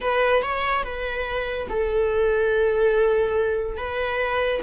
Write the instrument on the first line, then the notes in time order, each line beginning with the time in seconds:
viola
0.00 B4
0.42 C#5
0.83 B4
1.69 A4
3.77 B4